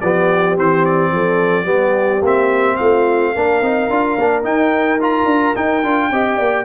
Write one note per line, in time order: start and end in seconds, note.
0.00 0.58 F3
0.00 0.55 B3
0.00 1.12 G4
0.00 0.56 D5
0.55 1.12 E3
0.55 1.65 C4
0.55 0.85 C5
0.85 2.24 D5
1.12 1.65 F3
1.12 1.65 A4
1.65 2.20 G3
1.65 2.20 B3
1.65 2.76 G4
2.21 2.77 A#3
2.21 3.35 C4
2.21 2.76 E5
2.76 3.35 A3
2.76 3.33 F4
2.76 4.43 F5
3.33 3.61 A#3
3.33 3.62 D4
3.33 6.11 A#4
3.61 3.88 C4
3.61 3.90 D#4
3.90 4.17 D4
3.90 4.17 F4
4.17 4.43 A#3
4.17 4.42 D4
4.42 4.98 D#4
4.42 5.25 D#4
4.42 5.00 G5
5.01 5.55 F4
5.01 5.56 A#5
5.25 5.53 D4
5.55 5.82 D#4
5.55 5.83 D#4
5.55 6.65 G5
5.83 6.10 D4
5.83 6.10 F4
6.10 6.38 C4
6.10 6.65 G4
6.10 6.36 D#5
6.36 6.65 A#3
6.36 6.64 D5